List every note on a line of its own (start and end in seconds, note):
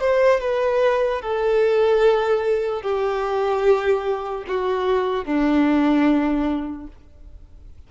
0.00 0.41 C5
0.41 1.22 B4
1.22 2.82 A4
2.82 4.44 G4
4.48 5.25 F#4
5.25 6.87 D4